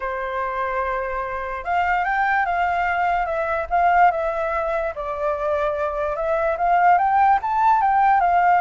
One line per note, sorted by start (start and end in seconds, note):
0.00 1.64 C5
1.64 2.04 F5
2.04 2.45 G5
2.45 3.25 F5
3.25 3.66 E5
3.70 4.11 F5
4.11 4.93 E5
4.95 6.16 D5
6.16 6.57 E5
6.57 6.98 F5
6.98 7.39 G5
7.42 7.81 A5
7.81 8.20 G5
8.20 8.61 F5